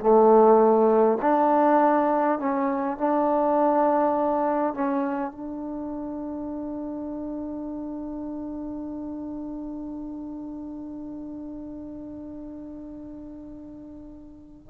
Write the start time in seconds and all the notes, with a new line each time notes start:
0.00 A3
1.21 D4
2.39 C#4
2.98 D4
4.74 C#4
5.31 D4